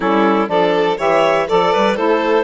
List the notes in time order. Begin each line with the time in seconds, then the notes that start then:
0.00 G3 C#4 E4 A4
0.47 F3 D4 A4 D5
0.97 E3 G4 C#5 E5
1.47 F3 A4 D5
1.73 G3 B4
1.95 A3 E4 A4 C5